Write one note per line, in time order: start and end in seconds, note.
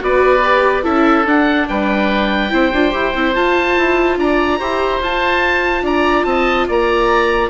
0.00 0.85 B3
0.00 0.42 F#4
0.00 0.84 B4
0.00 0.85 D5
0.44 0.84 G4
0.84 1.26 C#4
0.84 1.25 E4
0.84 1.67 A4
0.84 1.27 E5
1.26 1.67 D4
1.26 2.50 D4
1.26 1.69 F#5
1.69 2.53 G3
1.69 2.53 B4
1.69 3.35 G5
2.50 2.73 C4
2.50 2.71 E4
2.50 4.19 C5
2.73 2.94 D4
2.73 2.91 F4
2.91 3.15 E4
2.91 3.12 G4
3.15 3.36 C4
3.15 3.35 E4
3.35 4.59 F4
3.35 3.77 F4
3.35 4.19 A5
3.78 4.18 E4
4.18 4.59 D4
4.18 4.59 D5
4.18 5.03 A#5
4.59 5.01 E4
4.59 5.01 G4
4.59 5.84 C5
5.01 5.83 F4
5.01 7.50 F4
5.01 5.86 A5
5.83 6.24 D4
5.83 6.26 D5
5.83 6.25 A#5
6.25 6.67 C4
6.25 6.68 D#5
6.25 6.66 A5
6.68 7.50 A#3
6.68 7.50 D5
6.68 7.50 A#5